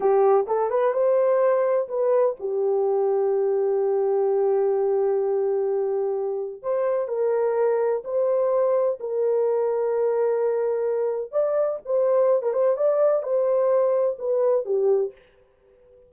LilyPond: \new Staff \with { instrumentName = "horn" } { \time 4/4 \tempo 4 = 127 g'4 a'8 b'8 c''2 | b'4 g'2.~ | g'1~ | g'2 c''4 ais'4~ |
ais'4 c''2 ais'4~ | ais'1 | d''4 c''4~ c''16 ais'16 c''8 d''4 | c''2 b'4 g'4 | }